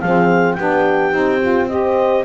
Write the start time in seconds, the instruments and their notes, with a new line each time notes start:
0.00 double bass F3, saxophone C4, horn G#4, clarinet F5
0.54 double bass B3, saxophone D4, horn G4, clarinet G5
1.12 double bass C4, saxophone D#4
1.41 saxophone F4
1.68 saxophone G4, horn C5, clarinet D#5